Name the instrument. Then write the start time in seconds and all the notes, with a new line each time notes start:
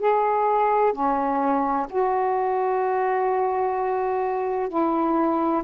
saxophone
0.00 G#4
0.93 C#4
1.90 F#4
4.69 E4